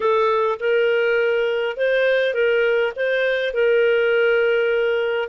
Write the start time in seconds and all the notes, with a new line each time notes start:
0.00 A4
0.59 A#4
1.76 C5
2.33 A#4
2.96 C5
3.53 A#4